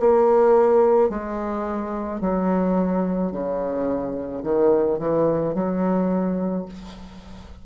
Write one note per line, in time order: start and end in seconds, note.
0.00 1.10 A#3
1.10 2.21 G#3
2.21 3.32 F#3
3.32 4.43 C#3
4.43 4.98 D#3
4.98 5.54 E3
5.55 6.66 F#3